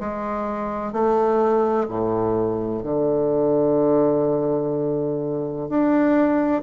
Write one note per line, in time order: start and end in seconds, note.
0.00 0.93 G#3
0.93 1.88 A3
1.89 2.84 A2
2.84 5.69 D3
5.69 6.63 D4